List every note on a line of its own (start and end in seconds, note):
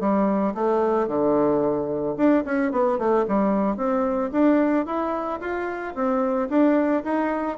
0.00 0.54 G3
0.54 1.07 A3
1.07 2.15 D3
2.17 2.44 D4
2.45 2.71 C#4
2.71 2.98 B3
2.98 3.25 A3
3.28 3.77 G3
3.77 4.31 C4
4.32 4.86 D4
4.86 5.40 E4
5.40 5.94 F4
5.95 6.49 C4
6.49 7.03 D4
7.04 7.57 D#4